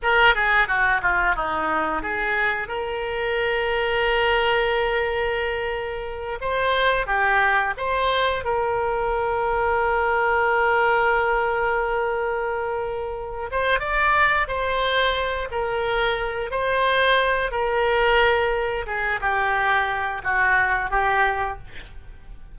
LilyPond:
\new Staff \with { instrumentName = "oboe" } { \time 4/4 \tempo 4 = 89 ais'8 gis'8 fis'8 f'8 dis'4 gis'4 | ais'1~ | ais'4. c''4 g'4 c''8~ | c''8 ais'2.~ ais'8~ |
ais'1 | c''8 d''4 c''4. ais'4~ | ais'8 c''4. ais'2 | gis'8 g'4. fis'4 g'4 | }